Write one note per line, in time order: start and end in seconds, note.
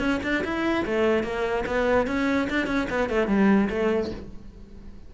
0.00 0.21 C#4
0.24 0.44 D4
0.45 0.86 E4
0.86 1.24 A3
1.24 1.65 A#3
1.67 2.08 B3
2.08 2.49 C#4
2.50 2.67 D4
2.67 2.88 C#4
2.90 3.10 B3
3.10 3.28 A3
3.28 3.69 G3
3.70 4.12 A3